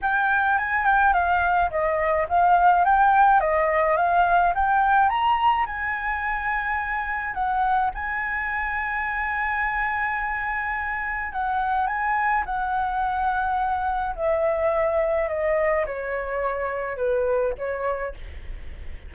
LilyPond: \new Staff \with { instrumentName = "flute" } { \time 4/4 \tempo 4 = 106 g''4 gis''8 g''8 f''4 dis''4 | f''4 g''4 dis''4 f''4 | g''4 ais''4 gis''2~ | gis''4 fis''4 gis''2~ |
gis''1 | fis''4 gis''4 fis''2~ | fis''4 e''2 dis''4 | cis''2 b'4 cis''4 | }